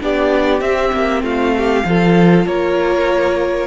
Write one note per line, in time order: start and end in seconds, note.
0.00 0.61 B3
0.00 0.61 D4
0.00 1.24 G4
0.00 0.61 D5
0.61 0.92 C4
0.61 1.84 C4
0.61 1.22 E5
0.93 1.22 A#3
1.22 1.84 A3
1.22 1.54 F4
1.22 2.47 F5
1.57 1.87 G4
1.85 2.46 F3
1.85 3.67 F4
1.85 2.46 A4
2.46 3.67 A#3
2.46 3.67 A#4
2.46 3.67 C#5